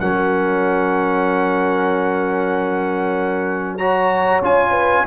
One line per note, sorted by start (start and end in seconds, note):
0.00 4.42 F#3
0.00 3.80 C#4
0.00 3.78 A#4
0.00 3.78 F#5
3.78 4.43 F#4
3.78 4.71 C#5
3.78 4.41 A#5
4.42 5.05 C#4
4.42 5.06 F4
4.42 5.07 G#5
4.71 5.03 B4